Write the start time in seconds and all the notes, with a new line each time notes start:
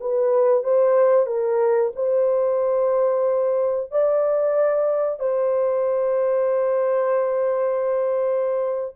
0.00 B4
0.63 C5
1.26 A#4
1.95 C5
3.91 D5
5.19 C5